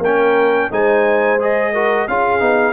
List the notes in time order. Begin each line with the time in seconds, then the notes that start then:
0.00 A#3 C#4 A#4 G5
0.71 G#3 D#4 C5 G#5
1.40 G#4 D#5
1.74 F#4 A#4
2.08 C#4 F4 G#4 F5
2.40 B3 D#4